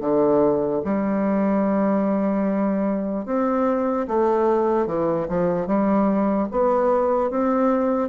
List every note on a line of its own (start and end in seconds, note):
0.00 0.81 D3
0.84 3.25 G3
3.25 4.07 C4
4.07 4.86 A3
4.86 5.27 E3
5.28 5.66 F3
5.66 6.48 G3
6.51 7.30 B3
7.30 8.09 C4